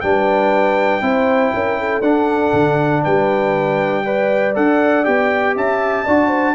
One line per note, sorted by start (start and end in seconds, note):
0.00 1.01 G3
0.00 1.01 D4
0.00 1.03 B4
0.00 2.01 G5
1.01 1.52 C4
1.01 2.01 E4
1.01 1.53 C5
1.54 2.00 C#4
1.54 1.79 A#4
1.79 3.02 A4
2.00 2.51 D4
2.00 4.05 D4
2.00 3.02 F#5
2.53 3.03 D3
3.02 4.56 G3
3.02 4.03 B4
3.02 4.55 G5
4.05 4.54 B4
4.05 5.56 D5
4.54 5.07 D4
4.54 5.04 A4
4.54 5.04 F#5
5.04 5.56 B3
5.04 6.05 G4
5.04 5.55 G5
5.56 6.06 C#4
5.56 6.04 E5
5.56 6.54 A5
6.04 6.54 D4
6.04 6.54 F#4
6.04 6.27 D5
6.27 6.53 C5